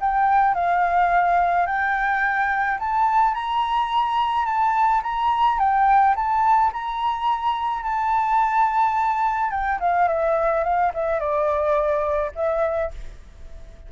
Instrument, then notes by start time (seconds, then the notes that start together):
flute
0.00 G5
0.54 F5
1.66 G5
2.79 A5
3.34 A#5
4.45 A5
5.03 A#5
5.58 G5
6.15 A5
6.72 A#5
7.82 A5
9.50 G5
9.80 F5
10.08 E5
10.63 F5
10.94 E5
11.19 D5
12.35 E5